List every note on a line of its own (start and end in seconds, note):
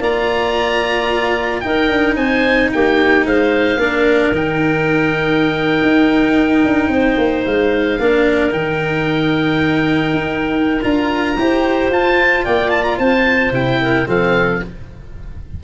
0.00 1.62 A#3
0.00 1.62 F4
0.00 1.63 D5
0.00 1.60 A#5
1.60 3.78 D#4
1.60 1.89 D#4
1.60 2.16 A#4
1.60 2.14 G5
1.89 2.16 D4
2.16 2.70 C4
2.16 2.70 C5
2.16 2.70 G#5
2.73 3.26 A#3
2.73 3.26 G4
2.73 3.26 G5
3.26 3.77 G#3
3.26 3.80 C5
3.26 4.35 F5
3.77 4.31 A#3
3.77 4.33 D4
3.77 6.91 A#4
4.31 5.80 D#3
4.31 7.98 D#4
4.31 7.45 G5
5.82 6.63 D#4
6.64 6.88 D4
6.88 7.15 C4
6.88 7.99 C5
7.17 7.44 A#3
7.45 7.99 G#3
7.45 8.52 F5
7.99 8.53 A#3
7.99 8.50 D4
7.99 11.39 A#4
8.50 10.13 D#3
8.50 10.80 D#4
8.50 10.82 G5
10.13 10.81 D#4
10.82 11.37 D4
10.82 11.36 F4
10.82 11.92 A#5
11.37 11.90 E4
11.37 11.92 G4
11.37 12.44 C5
11.90 12.44 F4
11.90 13.53 F4
11.90 12.45 A5
12.44 12.99 A#3
12.44 12.98 D5
12.44 12.70 G5
12.70 12.83 A5
12.84 12.97 A#5
12.98 13.52 C4
12.98 13.79 C5
12.98 13.53 A5
13.52 14.06 C3
13.52 14.06 E4
13.52 14.08 G5
13.81 14.07 A#4
14.06 14.62 F3
14.06 14.60 C4
14.06 14.61 A4
14.06 14.63 F5